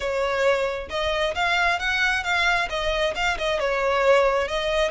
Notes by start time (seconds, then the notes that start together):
0.00 C#5
0.89 D#5
1.35 F5
1.79 F#5
2.23 F5
2.69 D#5
3.15 F5
3.38 D#5
3.59 C#5
4.48 D#5